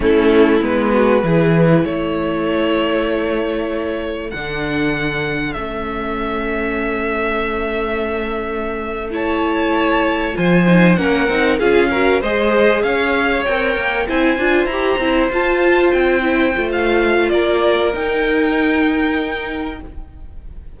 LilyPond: <<
  \new Staff \with { instrumentName = "violin" } { \time 4/4 \tempo 4 = 97 a'4 b'2 cis''4~ | cis''2. fis''4~ | fis''4 e''2.~ | e''2~ e''8. a''4~ a''16~ |
a''8. gis''4 fis''4 f''4 dis''16~ | dis''8. f''4 g''4 gis''4 ais''16~ | ais''8. a''4 g''4~ g''16 f''4 | d''4 g''2. | }
  \new Staff \with { instrumentName = "violin" } { \time 4/4 e'4. fis'8 gis'4 a'4~ | a'1~ | a'1~ | a'2~ a'8. cis''4~ cis''16~ |
cis''8. c''4 ais'4 gis'8 ais'8 c''16~ | c''8. cis''2 c''4~ c''16~ | c''1 | ais'1 | }
  \new Staff \with { instrumentName = "viola" } { \time 4/4 cis'4 b4 e'2~ | e'2. d'4~ | d'4 cis'2.~ | cis'2~ cis'8. e'4~ e'16~ |
e'8. f'8 dis'8 cis'8 dis'8 f'8 fis'8 gis'16~ | gis'4.~ gis'16 ais'4 e'8 f'8 g'16~ | g'16 e'8 f'4. e'8 f'4~ f'16~ | f'4 dis'2. | }
  \new Staff \with { instrumentName = "cello" } { \time 4/4 a4 gis4 e4 a4~ | a2. d4~ | d4 a2.~ | a1~ |
a8. f4 ais8 c'8 cis'4 gis16~ | gis8. cis'4 c'8 ais8 c'8 d'8 e'16~ | e'16 c'8 f'4 c'4 a4~ a16 | ais4 dis'2. | }
>>